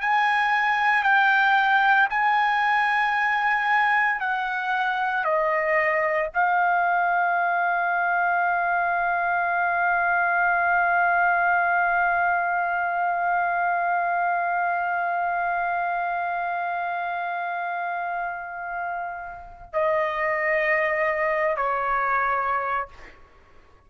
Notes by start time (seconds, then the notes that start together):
0.00 G#5
1.03 G5
2.10 G#5
4.20 F#5
5.24 D#5
6.33 F5
19.73 D#5
21.56 C#5